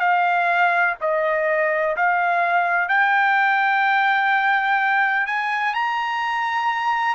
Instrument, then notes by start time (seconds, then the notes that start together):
trumpet
0.00 F5
1.00 D#5
1.96 F5
2.88 G5
5.26 G#5
5.74 A#5